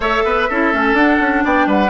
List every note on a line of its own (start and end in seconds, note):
0.00 0.22 A3
0.00 0.49 A4
0.00 0.23 C#5
0.00 0.95 E5
0.24 0.48 B3
0.24 0.49 B4
0.49 0.72 C#4
0.49 0.73 E4
0.49 1.44 A4
0.72 0.93 A3
0.72 0.97 C#4
0.93 1.17 D4
0.93 1.89 D4
0.93 1.43 F#5
1.20 1.44 C#4
1.44 1.66 B3
1.44 1.66 D5
1.44 1.69 G5
1.66 1.89 G3
1.66 1.89 B4
1.66 1.89 F#5